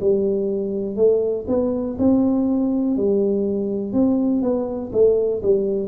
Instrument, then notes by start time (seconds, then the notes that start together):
tuba
0.00 G3
0.96 A3
1.47 B3
1.98 C4
2.96 G3
3.93 C4
4.42 B3
4.92 A3
5.42 G3